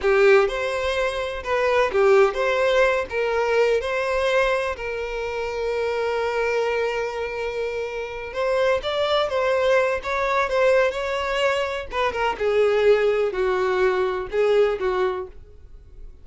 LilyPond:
\new Staff \with { instrumentName = "violin" } { \time 4/4 \tempo 4 = 126 g'4 c''2 b'4 | g'4 c''4. ais'4. | c''2 ais'2~ | ais'1~ |
ais'4. c''4 d''4 c''8~ | c''4 cis''4 c''4 cis''4~ | cis''4 b'8 ais'8 gis'2 | fis'2 gis'4 fis'4 | }